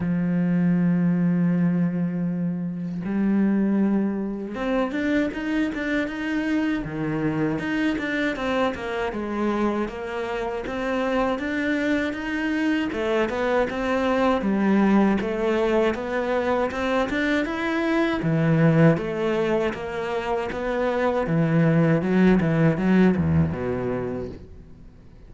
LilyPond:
\new Staff \with { instrumentName = "cello" } { \time 4/4 \tempo 4 = 79 f1 | g2 c'8 d'8 dis'8 d'8 | dis'4 dis4 dis'8 d'8 c'8 ais8 | gis4 ais4 c'4 d'4 |
dis'4 a8 b8 c'4 g4 | a4 b4 c'8 d'8 e'4 | e4 a4 ais4 b4 | e4 fis8 e8 fis8 e,8 b,4 | }